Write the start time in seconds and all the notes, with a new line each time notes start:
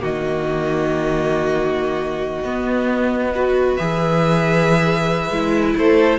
0.00 D#3 A#3 F#4 D#5
2.43 B3
3.33 F#4 B4
3.76 E3 G#4 E5
5.30 G#3 E4
5.75 A3 A4 C5